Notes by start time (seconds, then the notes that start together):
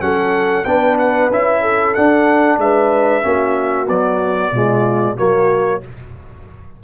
0.00 F#3 C#4 A4 F#5
0.64 B3 D4 B4 G5
0.98 F#5
1.31 C#4 E4 E5
1.61 A4
1.94 D4 F#5
2.57 G#3 B4 E5
3.22 A#3 C#4 F#4
3.87 F#3 B3 D5
4.52 B2 G#3 F4
5.16 F#3 A#3 F#4 C#5